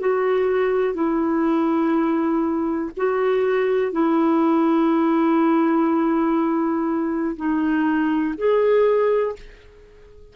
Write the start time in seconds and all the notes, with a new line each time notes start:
0.00 F#4
0.94 E4
2.97 F#4
3.92 E4
7.36 D#4
8.37 G#4